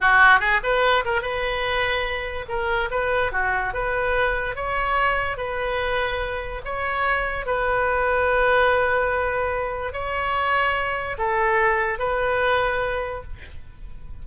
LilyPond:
\new Staff \with { instrumentName = "oboe" } { \time 4/4 \tempo 4 = 145 fis'4 gis'8 b'4 ais'8 b'4~ | b'2 ais'4 b'4 | fis'4 b'2 cis''4~ | cis''4 b'2. |
cis''2 b'2~ | b'1 | cis''2. a'4~ | a'4 b'2. | }